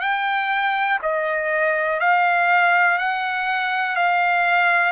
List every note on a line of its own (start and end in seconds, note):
0.00 0.98 G5
1.01 1.99 D#5
1.99 2.98 F5
2.98 3.96 F#5
3.96 4.92 F5